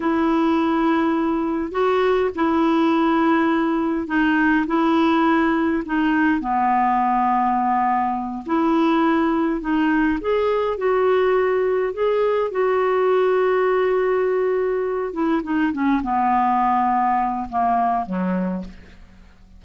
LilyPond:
\new Staff \with { instrumentName = "clarinet" } { \time 4/4 \tempo 4 = 103 e'2. fis'4 | e'2. dis'4 | e'2 dis'4 b4~ | b2~ b8 e'4.~ |
e'8 dis'4 gis'4 fis'4.~ | fis'8 gis'4 fis'2~ fis'8~ | fis'2 e'8 dis'8 cis'8 b8~ | b2 ais4 fis4 | }